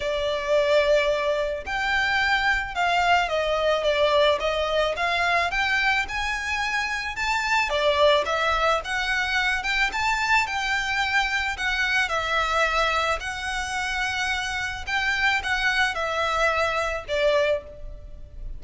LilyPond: \new Staff \with { instrumentName = "violin" } { \time 4/4 \tempo 4 = 109 d''2. g''4~ | g''4 f''4 dis''4 d''4 | dis''4 f''4 g''4 gis''4~ | gis''4 a''4 d''4 e''4 |
fis''4. g''8 a''4 g''4~ | g''4 fis''4 e''2 | fis''2. g''4 | fis''4 e''2 d''4 | }